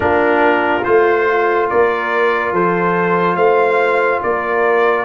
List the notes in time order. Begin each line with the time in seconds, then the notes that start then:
0.00 A#3 D4 F4 A#4
0.84 A3 F4 C5
1.69 A#3 A#4 D5
2.52 F3 A4 C5
3.35 A3 C5 F5
4.23 A#3 A#4 D5